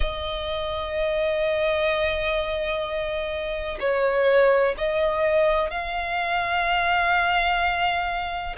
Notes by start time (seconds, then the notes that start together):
0.00 D#5
3.80 C#5
4.77 D#5
5.70 F5